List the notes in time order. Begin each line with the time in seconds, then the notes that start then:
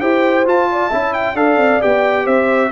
0.00 E4 G4 C5 G5
0.46 F4 A5
0.71 D5
0.89 C#4 E4 E5
1.13 G5
1.34 D4 A4 D5 F5
1.57 C4
1.80 B3 G4 G5
2.25 C4 C5 E5